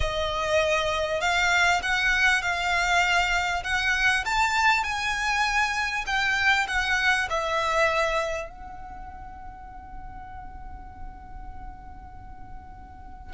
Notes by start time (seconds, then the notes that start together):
0.00 D#5
1.20 F5
1.82 F#5
2.41 F5
3.63 F#5
4.25 A5
4.83 G#5
6.06 G5
6.67 F#5
7.29 E5
8.49 F#5